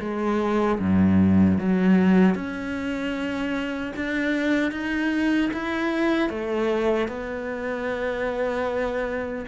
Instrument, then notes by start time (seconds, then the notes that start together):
cello
0.00 G#3
0.80 F#2
1.58 F#3
2.35 C#4
3.96 D4
4.72 D#4
5.53 E4
6.30 A3
7.08 B3